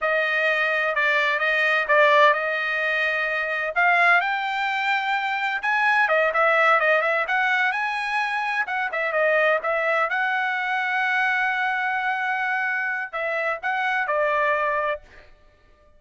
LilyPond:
\new Staff \with { instrumentName = "trumpet" } { \time 4/4 \tempo 4 = 128 dis''2 d''4 dis''4 | d''4 dis''2. | f''4 g''2. | gis''4 dis''8 e''4 dis''8 e''8 fis''8~ |
fis''8 gis''2 fis''8 e''8 dis''8~ | dis''8 e''4 fis''2~ fis''8~ | fis''1 | e''4 fis''4 d''2 | }